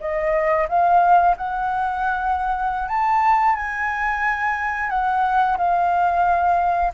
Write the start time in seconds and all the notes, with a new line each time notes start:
0.00 D#5
0.68 F5
1.37 F#5
2.88 A5
3.55 G#5
4.89 F#5
5.57 F5